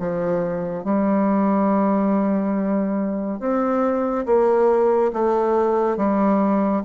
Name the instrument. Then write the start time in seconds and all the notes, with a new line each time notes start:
bassoon
0.00 F3
0.85 G3
3.40 C4
4.26 A#3
5.14 A3
5.97 G3